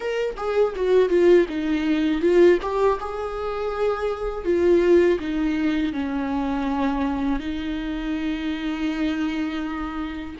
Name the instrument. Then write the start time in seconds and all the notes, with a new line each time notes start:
viola
0.00 A#4
0.36 G#4
0.75 F#4
1.09 F4
1.48 D#4
2.21 F4
2.62 G4
3.00 G#4
4.44 F4
5.19 D#4
5.93 C#4
7.39 D#4